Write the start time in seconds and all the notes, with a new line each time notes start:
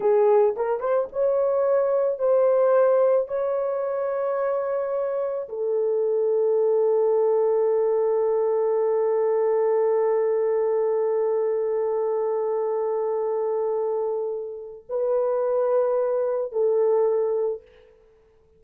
0.00 G#4
0.56 A#4
0.80 C5
1.12 C#5
2.19 C5
3.28 C#5
5.48 A4
14.89 B4
16.52 A4